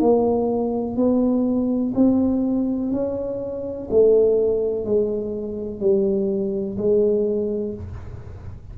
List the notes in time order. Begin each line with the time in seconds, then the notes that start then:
0.00 A#3
0.96 B3
1.95 C4
2.92 C#4
3.91 A3
4.85 G#3
5.80 G3
6.77 G#3